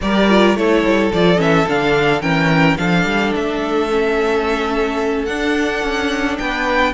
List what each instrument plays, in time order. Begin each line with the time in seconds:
0.00 cello G3, viola G4, violin A#4 D5
0.29 viola F4
0.55 cello A3, viola E4, violin A4 C#5
0.84 cello G3
1.12 cello F3, viola F4, violin D5
1.36 cello E3, viola C#4, violin E5
1.67 cello D3, viola D4, violin F5
2.20 cello E3, viola C#4, violin A#4 G5
2.77 cello F3, viola D4, violin A4 F5
3.04 cello G3
3.35 cello A3, violin E5
3.89 viola C#4
5.25 cello D4, viola D4, violin F#5
5.83 cello C#4
6.38 cello B3, violin B4 G5